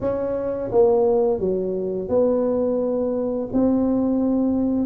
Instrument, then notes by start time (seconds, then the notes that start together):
tuba
0.00 C#4
0.71 A#3
1.39 F#3
2.08 B3
3.52 C4